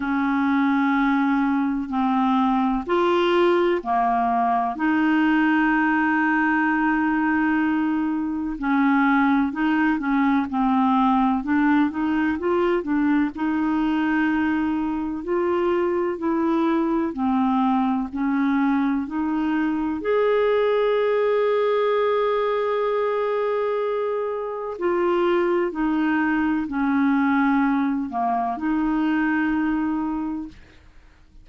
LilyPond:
\new Staff \with { instrumentName = "clarinet" } { \time 4/4 \tempo 4 = 63 cis'2 c'4 f'4 | ais4 dis'2.~ | dis'4 cis'4 dis'8 cis'8 c'4 | d'8 dis'8 f'8 d'8 dis'2 |
f'4 e'4 c'4 cis'4 | dis'4 gis'2.~ | gis'2 f'4 dis'4 | cis'4. ais8 dis'2 | }